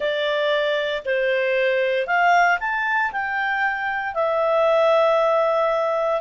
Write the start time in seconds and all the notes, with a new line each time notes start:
0.00 D5
1.05 C5
2.06 F5
2.60 A5
3.12 G5
4.14 E5